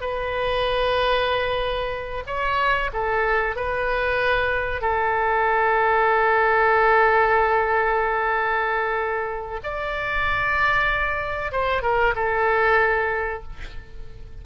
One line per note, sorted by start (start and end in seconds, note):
0.00 2.23 B4
2.27 2.90 C#5
2.92 3.55 A4
3.55 4.81 B4
4.81 9.60 A4
9.63 11.52 D5
11.52 11.82 C5
11.82 12.14 A#4
12.15 13.43 A4